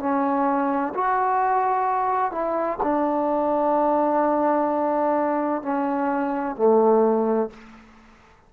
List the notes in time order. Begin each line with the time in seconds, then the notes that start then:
0.00 C#4
0.95 F#4
2.32 E4
2.83 D4
5.63 C#4
6.57 A3